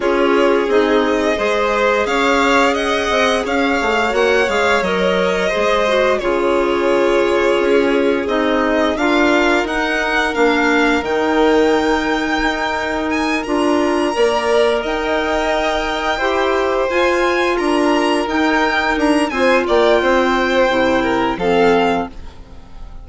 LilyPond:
<<
  \new Staff \with { instrumentName = "violin" } { \time 4/4 \tempo 4 = 87 cis''4 dis''2 f''4 | fis''4 f''4 fis''8 f''8 dis''4~ | dis''4 cis''2. | dis''4 f''4 fis''4 f''4 |
g''2. gis''8 ais''8~ | ais''4. g''2~ g''8~ | g''8 gis''4 ais''4 g''4 ais''8 | gis''8 g''2~ g''8 f''4 | }
  \new Staff \with { instrumentName = "violin" } { \time 4/4 gis'2 c''4 cis''4 | dis''4 cis''2. | c''4 gis'2.~ | gis'4 ais'2.~ |
ais'1~ | ais'8 d''4 dis''2 c''8~ | c''4. ais'2~ ais'8 | c''8 d''8 c''4. ais'8 a'4 | }
  \new Staff \with { instrumentName = "clarinet" } { \time 4/4 f'4 dis'4 gis'2~ | gis'2 fis'8 gis'8 ais'4 | gis'8 fis'8 f'2. | dis'4 f'4 dis'4 d'4 |
dis'2.~ dis'8 f'8~ | f'8 ais'2. g'8~ | g'8 f'2 dis'4. | f'2 e'4 c'4 | }
  \new Staff \with { instrumentName = "bassoon" } { \time 4/4 cis'4 c'4 gis4 cis'4~ | cis'8 c'8 cis'8 a8 ais8 gis8 fis4 | gis4 cis2 cis'4 | c'4 d'4 dis'4 ais4 |
dis2 dis'4. d'8~ | d'8 ais4 dis'2 e'8~ | e'8 f'4 d'4 dis'4 d'8 | c'8 ais8 c'4 c4 f4 | }
>>